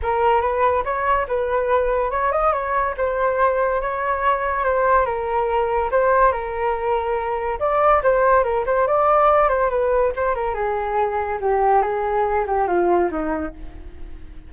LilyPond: \new Staff \with { instrumentName = "flute" } { \time 4/4 \tempo 4 = 142 ais'4 b'4 cis''4 b'4~ | b'4 cis''8 dis''8 cis''4 c''4~ | c''4 cis''2 c''4 | ais'2 c''4 ais'4~ |
ais'2 d''4 c''4 | ais'8 c''8 d''4. c''8 b'4 | c''8 ais'8 gis'2 g'4 | gis'4. g'8 f'4 dis'4 | }